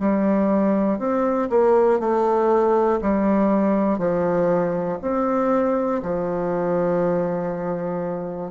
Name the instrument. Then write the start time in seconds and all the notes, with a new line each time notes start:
bassoon
0.00 G3
0.99 C4
1.50 A#3
2.00 A3
3.02 G3
3.99 F3
5.02 C4
6.03 F3